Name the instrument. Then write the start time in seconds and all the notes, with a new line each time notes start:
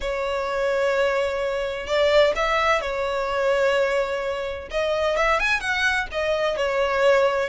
violin
0.00 C#5
1.86 D5
2.35 E5
2.81 C#5
4.70 D#5
5.16 E5
5.39 G#5
5.60 F#5
6.11 D#5
6.56 C#5